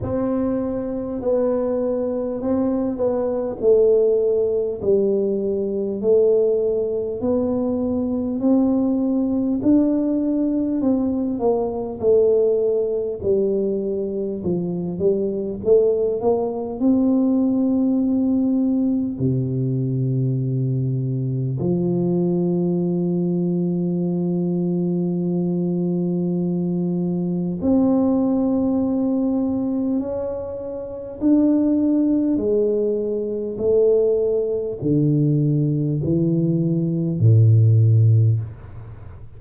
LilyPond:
\new Staff \with { instrumentName = "tuba" } { \time 4/4 \tempo 4 = 50 c'4 b4 c'8 b8 a4 | g4 a4 b4 c'4 | d'4 c'8 ais8 a4 g4 | f8 g8 a8 ais8 c'2 |
c2 f2~ | f2. c'4~ | c'4 cis'4 d'4 gis4 | a4 d4 e4 a,4 | }